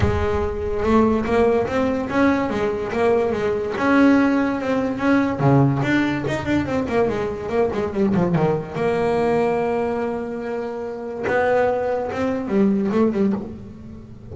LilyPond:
\new Staff \with { instrumentName = "double bass" } { \time 4/4 \tempo 4 = 144 gis2 a4 ais4 | c'4 cis'4 gis4 ais4 | gis4 cis'2 c'4 | cis'4 cis4 d'4 dis'8 d'8 |
c'8 ais8 gis4 ais8 gis8 g8 f8 | dis4 ais2.~ | ais2. b4~ | b4 c'4 g4 a8 g8 | }